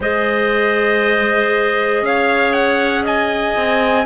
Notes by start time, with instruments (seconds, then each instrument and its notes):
0.00 cello G#3, clarinet G#4 C5, trumpet D#5
2.02 cello C#4, clarinet C#5, trumpet F5
2.53 trumpet F#5
3.03 clarinet D#5, trumpet G#5
3.56 cello C4